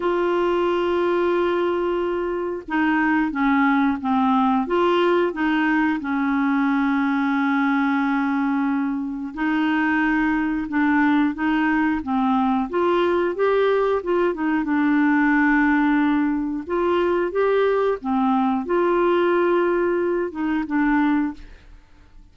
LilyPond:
\new Staff \with { instrumentName = "clarinet" } { \time 4/4 \tempo 4 = 90 f'1 | dis'4 cis'4 c'4 f'4 | dis'4 cis'2.~ | cis'2 dis'2 |
d'4 dis'4 c'4 f'4 | g'4 f'8 dis'8 d'2~ | d'4 f'4 g'4 c'4 | f'2~ f'8 dis'8 d'4 | }